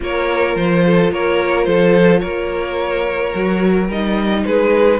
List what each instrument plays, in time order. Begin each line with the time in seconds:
0.00 cello A#3, viola F4, violin A#4 C#5
0.55 cello F3, violin C5
0.86 violin A4
1.11 cello A#3, violin A#4 C#5
1.64 cello F3, violin A4 C5
2.19 cello A#3, violin A#4 C#5
3.33 cello F#3, viola F#4
3.88 cello G3, viola D#4, violin D#5
4.45 cello G#3, violin G#4 B4